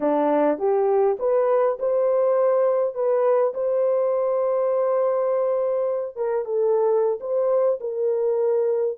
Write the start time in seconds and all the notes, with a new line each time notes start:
0.00 D4
0.58 G4
1.19 B4
1.79 C5
2.94 B4
3.54 C5
6.16 A#4
6.45 A4
7.20 C5
7.80 A#4